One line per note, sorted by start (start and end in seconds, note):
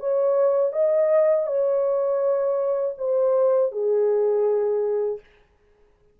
0.00 0.73 C#5
0.73 1.46 D#5
1.46 2.95 C#5
2.98 3.72 C5
3.72 5.20 G#4